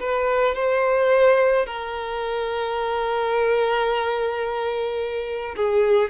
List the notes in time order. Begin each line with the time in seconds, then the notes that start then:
0.00 B4
0.55 C5
1.67 A#4
5.57 G#4